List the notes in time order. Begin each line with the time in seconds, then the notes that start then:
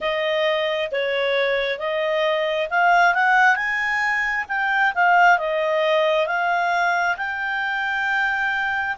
0.00 D#5
0.91 C#5
1.79 D#5
2.69 F5
3.14 F#5
3.55 G#5
4.48 G5
4.95 F5
5.38 D#5
6.26 F5
7.17 G5